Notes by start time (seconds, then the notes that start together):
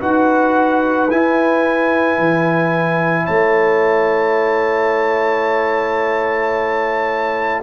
0.00 D#4 F#4 B4 F#5
1.10 E4 G#5
2.19 E3
3.25 A3 C#5 A5